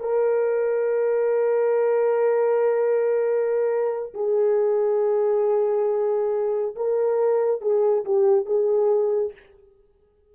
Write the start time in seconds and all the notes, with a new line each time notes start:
0.00 A#4
4.14 G#4
6.75 A#4
7.61 G#4
8.04 G4
8.45 G#4